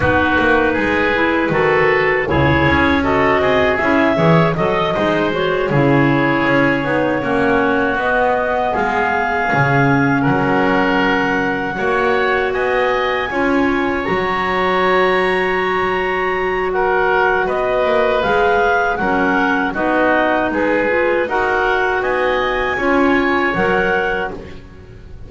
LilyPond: <<
  \new Staff \with { instrumentName = "clarinet" } { \time 4/4 \tempo 4 = 79 b'2. cis''4 | dis''4 e''4 dis''4 cis''4~ | cis''2~ cis''8 dis''4 f''8~ | f''4. fis''2~ fis''8~ |
fis''8 gis''2 ais''4.~ | ais''2 fis''4 dis''4 | f''4 fis''4 dis''4 b'4 | fis''4 gis''2 fis''4 | }
  \new Staff \with { instrumentName = "oboe" } { \time 4/4 fis'4 gis'4 a'4 gis'4 | a'8 gis'4 cis''8 dis''8 c''4 gis'8~ | gis'4. fis'2 gis'8~ | gis'4. ais'2 cis''8~ |
cis''8 dis''4 cis''2~ cis''8~ | cis''2 ais'4 b'4~ | b'4 ais'4 fis'4 gis'4 | ais'4 dis''4 cis''2 | }
  \new Staff \with { instrumentName = "clarinet" } { \time 4/4 dis'4. e'8 fis'4 e'4 | fis'4 e'8 gis'8 a'8 dis'8 fis'8 e'8~ | e'4 dis'8 cis'4 b4.~ | b8 cis'2. fis'8~ |
fis'4. f'4 fis'4.~ | fis'1 | gis'4 cis'4 dis'4. f'8 | fis'2 f'4 ais'4 | }
  \new Staff \with { instrumentName = "double bass" } { \time 4/4 b8 ais8 gis4 dis4 cis,8 cis'8~ | cis'8 c'8 cis'8 e8 fis8 gis4 cis8~ | cis8 cis'8 b8 ais4 b4 gis8~ | gis8 cis4 fis2 ais8~ |
ais8 b4 cis'4 fis4.~ | fis2. b8 ais8 | gis4 fis4 b4 gis4 | dis'4 b4 cis'4 fis4 | }
>>